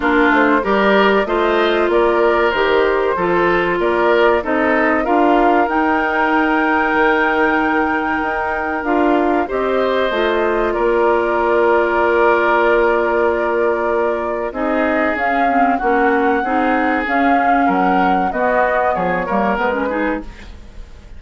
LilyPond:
<<
  \new Staff \with { instrumentName = "flute" } { \time 4/4 \tempo 4 = 95 ais'8 c''8 d''4 dis''4 d''4 | c''2 d''4 dis''4 | f''4 g''2.~ | g''2 f''4 dis''4~ |
dis''4 d''2.~ | d''2. dis''4 | f''4 fis''2 f''4 | fis''4 dis''4 cis''4 b'4 | }
  \new Staff \with { instrumentName = "oboe" } { \time 4/4 f'4 ais'4 c''4 ais'4~ | ais'4 a'4 ais'4 a'4 | ais'1~ | ais'2. c''4~ |
c''4 ais'2.~ | ais'2. gis'4~ | gis'4 fis'4 gis'2 | ais'4 fis'4 gis'8 ais'4 gis'8 | }
  \new Staff \with { instrumentName = "clarinet" } { \time 4/4 d'4 g'4 f'2 | g'4 f'2 dis'4 | f'4 dis'2.~ | dis'2 f'4 g'4 |
f'1~ | f'2. dis'4 | cis'8 c'8 cis'4 dis'4 cis'4~ | cis'4 b4. ais8 b16 cis'16 dis'8 | }
  \new Staff \with { instrumentName = "bassoon" } { \time 4/4 ais8 a8 g4 a4 ais4 | dis4 f4 ais4 c'4 | d'4 dis'2 dis4~ | dis4 dis'4 d'4 c'4 |
a4 ais2.~ | ais2. c'4 | cis'4 ais4 c'4 cis'4 | fis4 b4 f8 g8 gis4 | }
>>